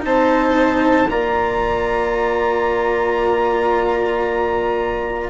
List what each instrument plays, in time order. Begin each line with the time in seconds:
0.00 bassoon C4, cello D#4, violin C5, trumpet A5
1.09 bassoon A#3, cello F4, violin D5, trumpet A#5